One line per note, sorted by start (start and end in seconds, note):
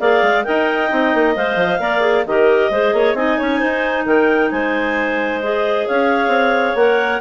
0.00 0.23 A#3
0.00 0.45 G#4
0.00 0.46 D5
0.00 0.44 F5
0.23 0.46 G#3
0.44 0.92 D#4
0.44 0.90 A#4
0.44 1.81 D#5
0.44 1.34 G5
0.90 1.15 C4
0.90 1.35 D#4
1.15 1.37 A#3
1.36 1.56 G#3
1.36 1.80 C5
1.36 2.27 F5
1.56 1.78 F3
1.80 2.25 A#3
1.80 2.01 A#4
1.80 2.26 D5
2.01 2.24 G#4
2.27 2.71 D#3
2.27 2.73 G4
2.27 2.72 A#4
2.27 3.15 D#5
2.71 2.93 G#3
2.71 3.17 G#4
2.71 2.95 C5
2.94 3.14 A#3
2.94 3.17 C#5
3.14 3.37 C4
3.14 5.42 D#4
3.14 3.39 D#5
3.14 4.06 G#5
3.39 3.62 C#4
3.39 3.59 C#5
3.59 4.06 D#4
3.59 4.04 C5
4.06 4.52 D#3
4.06 4.51 A#4
4.06 4.51 G5
4.51 5.87 G#3
4.51 5.87 C5
4.51 5.41 G#5
5.43 6.78 G#4
5.43 5.88 D#5
5.87 6.28 C#4
5.87 7.21 C#5
5.87 6.77 F5
6.28 6.73 C4
6.76 7.21 A#3
6.76 7.21 A#4
6.76 7.21 F#5